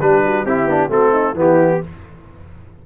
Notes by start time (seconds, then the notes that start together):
0.00 G3 D4 G4 B4
0.24 F#4
0.44 C4 E4 G4
0.64 B3 D4
0.89 A3 C4 F#4 A4
1.11 D#4
1.34 E3 B3 E4
1.40 G4